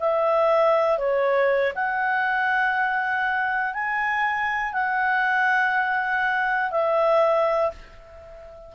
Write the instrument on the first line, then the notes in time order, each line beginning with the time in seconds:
clarinet
0.00 E5
0.99 C#5
1.75 F#5
3.74 G#5
4.73 F#5
6.71 E5